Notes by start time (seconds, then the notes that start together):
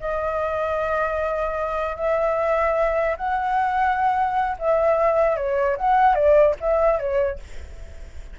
0.00 D#5
1.96 E5
3.17 F#5
4.59 E5
5.36 C#5
5.77 F#5
6.15 D5
6.60 E5
6.99 C#5